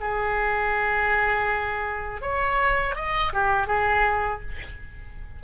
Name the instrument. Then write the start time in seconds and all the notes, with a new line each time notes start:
oboe
0.00 G#4
2.22 C#5
2.96 D#5
3.33 G4
3.67 G#4